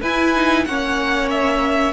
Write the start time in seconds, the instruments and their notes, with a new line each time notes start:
0.00 cello E4, viola E4, violin B4 G#5
0.35 viola D#4
0.64 cello A#3, viola C#4, violin C#5 F#5
1.30 violin E5